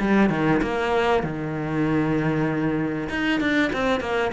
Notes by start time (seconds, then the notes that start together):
0.00 G3
0.30 D#3
0.62 A#3
1.23 D#3
3.09 D#4
3.40 D4
3.73 C4
4.00 A#3